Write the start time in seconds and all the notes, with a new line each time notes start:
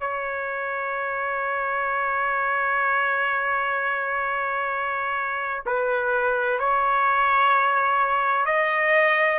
0.00 C#5
5.66 B4
6.59 C#5
8.45 D#5